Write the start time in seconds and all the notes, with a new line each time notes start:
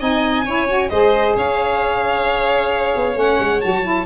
0.00 C4 D#4 D#5 G#5
0.45 C#4 E4 C#5
0.68 F#4
0.90 G#3 G#4 C5 D#5
1.36 C#4 C#5 F5
2.96 B3
3.14 A3 C#4 F#5
3.40 G#3
3.61 F#3 F#4 A5
3.83 E4